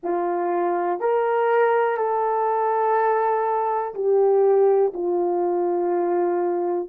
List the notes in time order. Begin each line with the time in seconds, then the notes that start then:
0.03 F4
1.00 A#4
1.97 A4
3.94 G4
4.93 F4